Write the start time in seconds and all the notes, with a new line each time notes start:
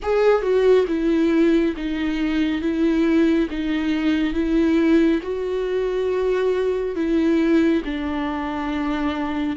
0.02 G#4
0.42 F#4
0.87 E4
1.76 D#4
2.61 E4
3.50 D#4
4.33 E4
5.22 F#4
6.95 E4
7.84 D4